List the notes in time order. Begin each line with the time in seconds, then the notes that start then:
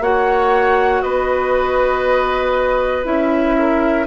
0.00 A#3 F#4 C#5 F#5
1.02 B3 B4 D#5
3.04 C#4 E4 E5
3.58 A#4